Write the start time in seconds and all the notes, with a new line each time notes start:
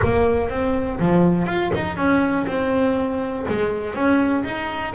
0.03 A#3
0.49 C4
0.99 F3
1.46 F4
1.74 D#4
1.96 C#4
2.47 C4
3.48 G#3
3.94 C#4
4.44 D#4